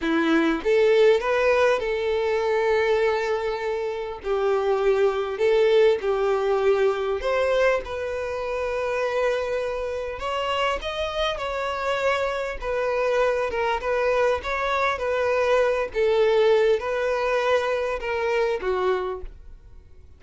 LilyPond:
\new Staff \with { instrumentName = "violin" } { \time 4/4 \tempo 4 = 100 e'4 a'4 b'4 a'4~ | a'2. g'4~ | g'4 a'4 g'2 | c''4 b'2.~ |
b'4 cis''4 dis''4 cis''4~ | cis''4 b'4. ais'8 b'4 | cis''4 b'4. a'4. | b'2 ais'4 fis'4 | }